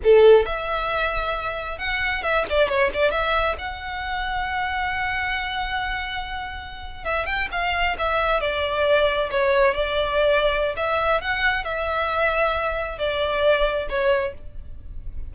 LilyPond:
\new Staff \with { instrumentName = "violin" } { \time 4/4 \tempo 4 = 134 a'4 e''2. | fis''4 e''8 d''8 cis''8 d''8 e''4 | fis''1~ | fis''2.~ fis''8. e''16~ |
e''16 g''8 f''4 e''4 d''4~ d''16~ | d''8. cis''4 d''2~ d''16 | e''4 fis''4 e''2~ | e''4 d''2 cis''4 | }